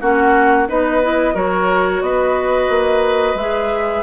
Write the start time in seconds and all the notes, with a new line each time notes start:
0.00 A#3 C#4 F#4 F#5
0.68 B3 D#4 B4 D#5
1.02 E4
1.34 F#3 F#4 A#4 C#5
2.01 B3 B4 D#5
2.69 A#3
3.35 G#3 G#4 E5